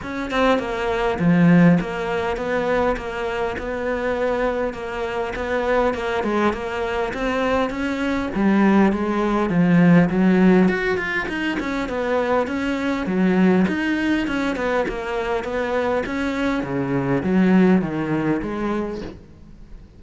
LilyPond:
\new Staff \with { instrumentName = "cello" } { \time 4/4 \tempo 4 = 101 cis'8 c'8 ais4 f4 ais4 | b4 ais4 b2 | ais4 b4 ais8 gis8 ais4 | c'4 cis'4 g4 gis4 |
f4 fis4 fis'8 f'8 dis'8 cis'8 | b4 cis'4 fis4 dis'4 | cis'8 b8 ais4 b4 cis'4 | cis4 fis4 dis4 gis4 | }